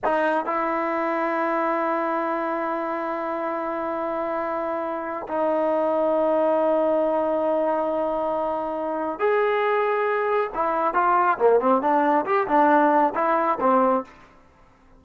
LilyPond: \new Staff \with { instrumentName = "trombone" } { \time 4/4 \tempo 4 = 137 dis'4 e'2.~ | e'1~ | e'1 | dis'1~ |
dis'1~ | dis'4 gis'2. | e'4 f'4 ais8 c'8 d'4 | g'8 d'4. e'4 c'4 | }